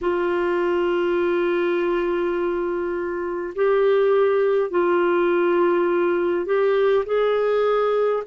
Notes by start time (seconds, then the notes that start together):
0.01 F4
3.55 G4
4.70 F4
6.45 G4
7.05 G#4